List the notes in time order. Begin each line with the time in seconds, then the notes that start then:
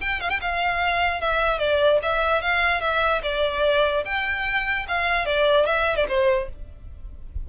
0.00 G5
0.20 F5
0.29 G5
0.41 F5
1.21 E5
1.58 D5
2.02 E5
2.42 F5
2.81 E5
3.23 D5
4.05 G5
4.88 F5
5.25 D5
5.66 E5
5.96 D5
6.08 C5